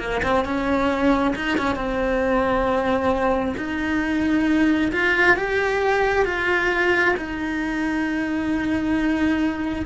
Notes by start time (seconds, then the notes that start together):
0.00 A#3
0.23 C4
0.45 C#4
1.36 D#4
1.58 C#4
1.76 C4
3.58 D#4
4.93 F4
5.37 G4
6.26 F4
7.17 D#4